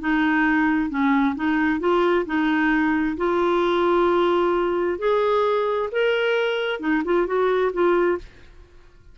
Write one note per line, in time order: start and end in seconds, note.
0.00 0.89 D#4
0.89 1.35 C#4
1.35 1.80 D#4
1.80 2.25 F4
2.26 3.17 D#4
3.17 4.98 F4
4.98 5.89 G#4
5.92 6.80 A#4
6.80 7.02 D#4
7.05 7.26 F4
7.26 7.72 F#4
7.73 8.18 F4